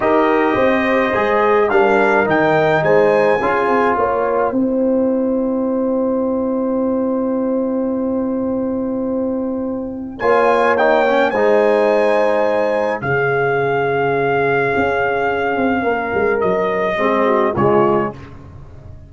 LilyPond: <<
  \new Staff \with { instrumentName = "trumpet" } { \time 4/4 \tempo 4 = 106 dis''2. f''4 | g''4 gis''2 g''4~ | g''1~ | g''1~ |
g''2 gis''4 g''4 | gis''2. f''4~ | f''1~ | f''4 dis''2 cis''4 | }
  \new Staff \with { instrumentName = "horn" } { \time 4/4 ais'4 c''2 ais'4~ | ais'4 c''4 gis'4 cis''4 | c''1~ | c''1~ |
c''2 cis''2 | c''2. gis'4~ | gis'1 | ais'2 gis'8 fis'8 f'4 | }
  \new Staff \with { instrumentName = "trombone" } { \time 4/4 g'2 gis'4 d'4 | dis'2 f'2 | e'1~ | e'1~ |
e'2 f'4 dis'8 cis'8 | dis'2. cis'4~ | cis'1~ | cis'2 c'4 gis4 | }
  \new Staff \with { instrumentName = "tuba" } { \time 4/4 dis'4 c'4 gis4 g4 | dis4 gis4 cis'8 c'8 ais4 | c'1~ | c'1~ |
c'2 ais2 | gis2. cis4~ | cis2 cis'4. c'8 | ais8 gis8 fis4 gis4 cis4 | }
>>